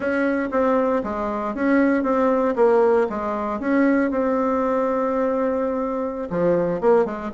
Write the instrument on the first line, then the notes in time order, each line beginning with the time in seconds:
bassoon
0.00 C#4
0.51 C4
1.03 G#3
1.55 C#4
2.03 C4
2.55 A#3
3.09 G#3
3.59 C#4
4.10 C4
6.30 F3
6.80 A#3
7.05 G#3